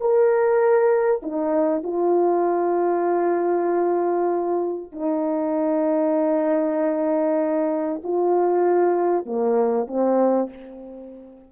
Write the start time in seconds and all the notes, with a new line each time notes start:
0.00 A#4
1.22 D#4
1.83 F4
4.92 D#4
8.03 F4
9.26 A#3
9.87 C4